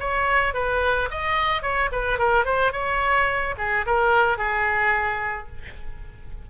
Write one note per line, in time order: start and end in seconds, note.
0.00 0.54 C#5
0.54 1.09 B4
1.11 1.62 D#5
1.62 1.90 C#5
1.92 2.19 B4
2.19 2.45 A#4
2.45 2.72 C5
2.72 3.55 C#5
3.58 3.85 G#4
3.86 4.38 A#4
4.38 5.48 G#4